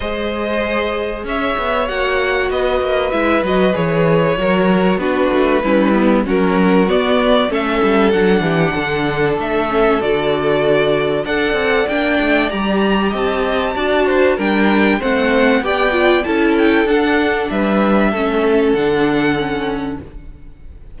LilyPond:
<<
  \new Staff \with { instrumentName = "violin" } { \time 4/4 \tempo 4 = 96 dis''2 e''4 fis''4 | dis''4 e''8 dis''8 cis''2 | b'2 ais'4 d''4 | e''4 fis''2 e''4 |
d''2 fis''4 g''4 | ais''4 a''2 g''4 | fis''4 g''4 a''8 g''8 fis''4 | e''2 fis''2 | }
  \new Staff \with { instrumentName = "violin" } { \time 4/4 c''2 cis''2 | b'2. ais'4 | fis'4 e'4 fis'2 | a'4. g'8 a'2~ |
a'2 d''2~ | d''4 dis''4 d''8 c''8 ais'4 | c''4 d''4 a'2 | b'4 a'2. | }
  \new Staff \with { instrumentName = "viola" } { \time 4/4 gis'2. fis'4~ | fis'4 e'8 fis'8 gis'4 fis'4 | d'4 cis'8 b8 cis'4 b4 | cis'4 d'2~ d'8 cis'8 |
fis'2 a'4 d'4 | g'2 fis'4 d'4 | c'4 g'8 f'8 e'4 d'4~ | d'4 cis'4 d'4 cis'4 | }
  \new Staff \with { instrumentName = "cello" } { \time 4/4 gis2 cis'8 b8 ais4 | b8 ais8 gis8 fis8 e4 fis4 | b8 a8 g4 fis4 b4 | a8 g8 fis8 e8 d4 a4 |
d2 d'8 c'8 ais8 a8 | g4 c'4 d'4 g4 | a4 b4 cis'4 d'4 | g4 a4 d2 | }
>>